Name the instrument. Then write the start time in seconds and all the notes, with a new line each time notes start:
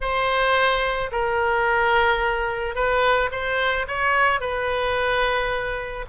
oboe
0.00 C5
1.11 A#4
2.75 B4
3.31 C5
3.87 C#5
4.40 B4